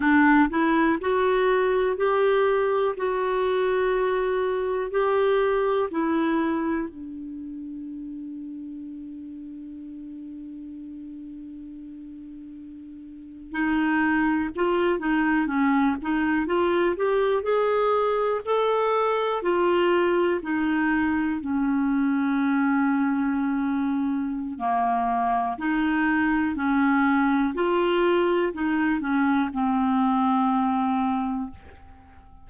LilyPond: \new Staff \with { instrumentName = "clarinet" } { \time 4/4 \tempo 4 = 61 d'8 e'8 fis'4 g'4 fis'4~ | fis'4 g'4 e'4 d'4~ | d'1~ | d'4.~ d'16 dis'4 f'8 dis'8 cis'16~ |
cis'16 dis'8 f'8 g'8 gis'4 a'4 f'16~ | f'8. dis'4 cis'2~ cis'16~ | cis'4 ais4 dis'4 cis'4 | f'4 dis'8 cis'8 c'2 | }